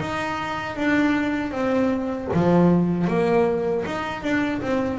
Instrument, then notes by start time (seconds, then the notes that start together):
double bass
0.00 D#4
0.76 D4
1.51 C4
2.34 F3
3.07 A#3
3.86 D#4
4.23 D4
4.62 C4